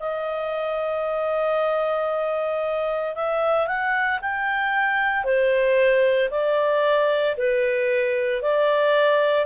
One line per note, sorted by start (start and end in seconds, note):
0.00 3.15 D#5
3.15 3.67 E5
3.67 4.20 F#5
4.21 5.24 G5
5.24 6.29 C5
6.31 7.36 D5
7.37 8.42 B4
8.42 9.45 D5